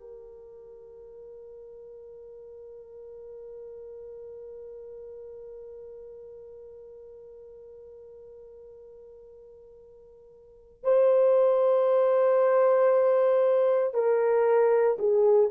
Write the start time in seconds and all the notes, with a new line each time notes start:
0.00 A#4
10.84 C5
13.94 A#4
14.99 G#4